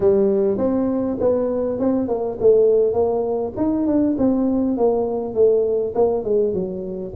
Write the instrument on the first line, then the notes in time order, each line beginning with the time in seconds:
tuba
0.00 G3
0.57 C4
1.20 B3
1.79 C4
2.08 A#3
2.40 A3
2.93 A#3
3.56 D#4
3.86 D4
4.18 C4
4.77 A#3
5.34 A3
5.94 A#3
6.24 G#3
6.53 F#3